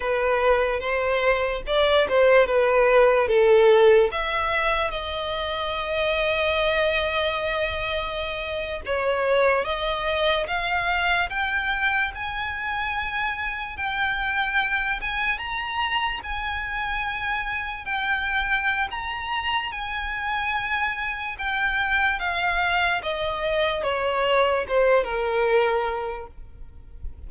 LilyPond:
\new Staff \with { instrumentName = "violin" } { \time 4/4 \tempo 4 = 73 b'4 c''4 d''8 c''8 b'4 | a'4 e''4 dis''2~ | dis''2~ dis''8. cis''4 dis''16~ | dis''8. f''4 g''4 gis''4~ gis''16~ |
gis''8. g''4. gis''8 ais''4 gis''16~ | gis''4.~ gis''16 g''4~ g''16 ais''4 | gis''2 g''4 f''4 | dis''4 cis''4 c''8 ais'4. | }